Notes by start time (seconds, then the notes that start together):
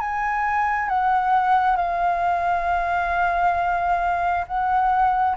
0.00 G#5
0.88 F#5
1.76 F5
4.47 F#5